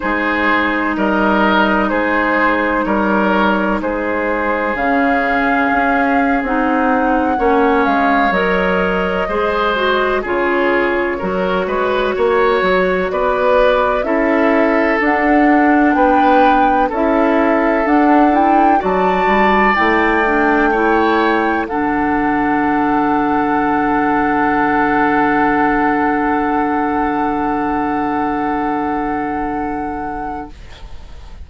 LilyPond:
<<
  \new Staff \with { instrumentName = "flute" } { \time 4/4 \tempo 4 = 63 c''4 dis''4 c''4 cis''4 | c''4 f''4.~ f''16 fis''4~ fis''16~ | fis''16 f''8 dis''2 cis''4~ cis''16~ | cis''4.~ cis''16 d''4 e''4 fis''16~ |
fis''8. g''4 e''4 fis''8 g''8 a''16~ | a''8. g''2 fis''4~ fis''16~ | fis''1~ | fis''1 | }
  \new Staff \with { instrumentName = "oboe" } { \time 4/4 gis'4 ais'4 gis'4 ais'4 | gis'2.~ gis'8. cis''16~ | cis''4.~ cis''16 c''4 gis'4 ais'16~ | ais'16 b'8 cis''4 b'4 a'4~ a'16~ |
a'8. b'4 a'2 d''16~ | d''4.~ d''16 cis''4 a'4~ a'16~ | a'1~ | a'1 | }
  \new Staff \with { instrumentName = "clarinet" } { \time 4/4 dis'1~ | dis'4 cis'4.~ cis'16 dis'4 cis'16~ | cis'8. ais'4 gis'8 fis'8 f'4 fis'16~ | fis'2~ fis'8. e'4 d'16~ |
d'4.~ d'16 e'4 d'8 e'8 fis'16~ | fis'8. e'8 d'8 e'4 d'4~ d'16~ | d'1~ | d'1 | }
  \new Staff \with { instrumentName = "bassoon" } { \time 4/4 gis4 g4 gis4 g4 | gis4 cis4 cis'8. c'4 ais16~ | ais16 gis8 fis4 gis4 cis4 fis16~ | fis16 gis8 ais8 fis8 b4 cis'4 d'16~ |
d'8. b4 cis'4 d'4 fis16~ | fis16 g8 a2 d4~ d16~ | d1~ | d1 | }
>>